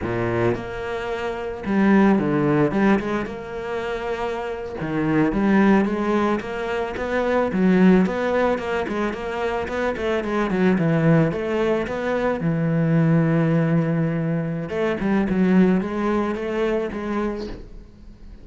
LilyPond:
\new Staff \with { instrumentName = "cello" } { \time 4/4 \tempo 4 = 110 ais,4 ais2 g4 | d4 g8 gis8 ais2~ | ais8. dis4 g4 gis4 ais16~ | ais8. b4 fis4 b4 ais16~ |
ais16 gis8 ais4 b8 a8 gis8 fis8 e16~ | e8. a4 b4 e4~ e16~ | e2. a8 g8 | fis4 gis4 a4 gis4 | }